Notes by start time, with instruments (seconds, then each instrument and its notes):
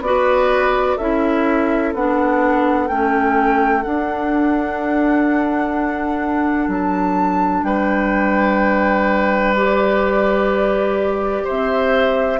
0.00 bassoon B3, clarinet F#4, flute D5
0.06 oboe B4
0.96 bassoon C#4, clarinet E4, oboe A4, flute E5
1.93 bassoon B3, clarinet D4, flute F#5
2.88 bassoon A3, clarinet C#4, flute G5
3.82 clarinet D4, bassoon D4, flute F#5
6.67 bassoon F#3, flute A5
7.62 bassoon G3, oboe B4, flute G5
9.56 clarinet G4, flute D5
11.44 bassoon C4, oboe C5, flute E5